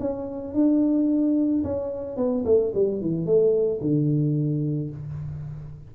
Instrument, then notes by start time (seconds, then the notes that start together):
tuba
0.00 C#4
0.54 D4
1.64 C#4
2.17 B3
2.45 A3
2.74 G3
3.01 E3
3.26 A3
3.81 D3